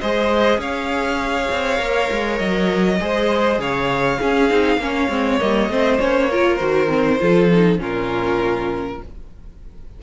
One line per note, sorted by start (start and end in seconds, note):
0.00 0.57 G#3
0.00 1.77 G#4
0.00 0.59 C5
0.00 0.60 D#5
0.57 1.47 C#4
0.57 2.99 C#5
0.57 2.38 F5
1.51 1.79 C4
1.77 2.09 A#3
1.77 2.97 A#4
2.11 2.40 G#3
2.38 3.00 F#3
2.38 3.58 D#5
3.00 3.58 G#3
3.00 4.20 G#4
3.00 3.60 C5
3.58 4.18 C#3
3.58 4.19 C#5
3.58 5.39 F5
4.19 4.50 C#4
4.19 4.49 C#4
4.19 4.79 G#4
4.49 4.77 C4
4.49 4.79 D#4
4.77 5.07 A#3
4.77 5.09 C#4
4.77 5.71 C#5
5.09 5.39 G#3
5.09 5.39 C4
5.39 5.68 G3
5.39 5.69 A#3
5.39 5.99 D#5
5.68 5.98 A3
5.68 5.99 C4
5.68 6.30 C5
5.99 6.60 A#3
5.99 6.29 C#4
5.99 6.56 C#5
6.30 6.59 F4
6.30 7.20 A#4
6.56 7.20 D#3
6.56 6.88 F#4
6.56 7.76 C5
6.88 7.18 C4
7.19 7.79 F3
7.19 7.49 F4
7.19 7.81 A4
7.53 7.78 D#4
7.78 8.99 A#2
7.78 8.98 C#4
7.78 9.01 F4
7.78 9.02 A#4